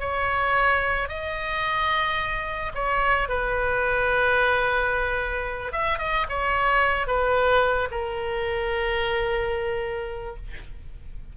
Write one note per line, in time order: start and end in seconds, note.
0.00 1.09 C#5
1.09 2.72 D#5
2.75 3.29 C#5
3.29 5.72 B4
5.72 5.99 E5
5.99 6.26 D#5
6.29 7.07 C#5
7.07 7.89 B4
7.91 10.36 A#4